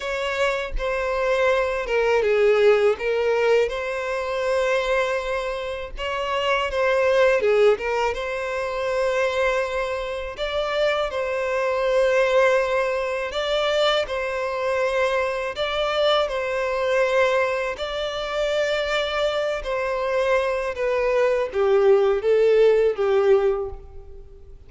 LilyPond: \new Staff \with { instrumentName = "violin" } { \time 4/4 \tempo 4 = 81 cis''4 c''4. ais'8 gis'4 | ais'4 c''2. | cis''4 c''4 gis'8 ais'8 c''4~ | c''2 d''4 c''4~ |
c''2 d''4 c''4~ | c''4 d''4 c''2 | d''2~ d''8 c''4. | b'4 g'4 a'4 g'4 | }